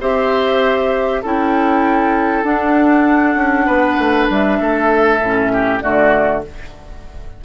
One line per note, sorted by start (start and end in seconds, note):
0.00 1.22 C4
0.00 1.23 G4
0.00 1.22 C5
0.00 1.24 E5
1.22 2.44 C#4
1.22 2.44 E4
1.22 3.66 A4
1.22 2.45 G5
2.44 3.36 D4
2.44 5.20 D4
2.44 4.28 F#5
3.36 3.66 C#4
3.66 3.98 B3
3.66 4.58 B4
3.98 4.29 A3
4.30 4.60 G3
4.30 5.80 E5
4.60 5.20 A3
4.60 5.52 A4
5.20 5.81 A2
5.20 5.81 C#4
5.53 5.83 G4
5.80 6.44 D3
5.80 6.42 A3
5.80 6.44 F#4
5.80 6.41 D5